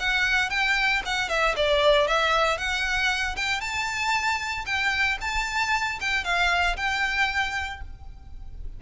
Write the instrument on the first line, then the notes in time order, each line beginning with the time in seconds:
violin
0.00 F#5
0.50 G5
1.06 F#5
1.29 E5
1.57 D5
2.08 E5
2.58 F#5
3.37 G5
3.61 A5
4.66 G5
5.22 A5
6.01 G5
6.25 F5
6.77 G5